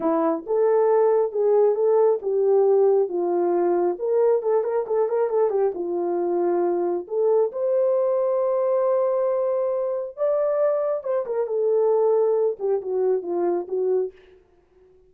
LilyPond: \new Staff \with { instrumentName = "horn" } { \time 4/4 \tempo 4 = 136 e'4 a'2 gis'4 | a'4 g'2 f'4~ | f'4 ais'4 a'8 ais'8 a'8 ais'8 | a'8 g'8 f'2. |
a'4 c''2.~ | c''2. d''4~ | d''4 c''8 ais'8 a'2~ | a'8 g'8 fis'4 f'4 fis'4 | }